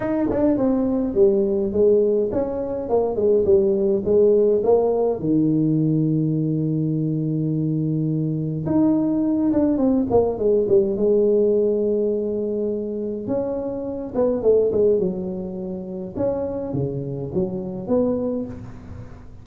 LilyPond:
\new Staff \with { instrumentName = "tuba" } { \time 4/4 \tempo 4 = 104 dis'8 d'8 c'4 g4 gis4 | cis'4 ais8 gis8 g4 gis4 | ais4 dis2.~ | dis2. dis'4~ |
dis'8 d'8 c'8 ais8 gis8 g8 gis4~ | gis2. cis'4~ | cis'8 b8 a8 gis8 fis2 | cis'4 cis4 fis4 b4 | }